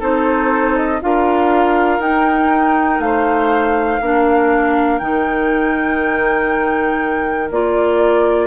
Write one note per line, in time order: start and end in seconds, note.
0.00 1.01 C4
0.00 1.00 D#4
0.00 1.00 A4
0.00 0.76 C5
0.76 1.01 D#5
1.01 1.99 D4
1.01 2.01 F4
1.01 3.04 A#4
1.01 2.01 F5
1.99 2.99 D#4
1.99 4.01 D#4
1.99 3.01 G5
2.99 3.99 A3
2.99 4.01 C5
2.99 4.99 F5
4.01 5.01 A#3
4.01 5.01 D4
4.01 8.47 A#4
4.99 7.51 D#3
4.99 7.51 D#4
4.99 7.49 G5
7.51 8.47 A#3
7.51 8.47 F4
7.51 8.47 D5